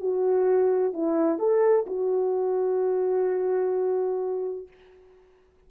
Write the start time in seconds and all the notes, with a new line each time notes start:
0.00 F#4
0.93 E4
1.39 A4
1.87 F#4